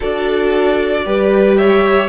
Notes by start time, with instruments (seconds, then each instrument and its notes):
0.00 cello D4, viola F#4, violin A4 D5
1.05 cello G3, viola G4, violin B4
1.57 violin C#5 E5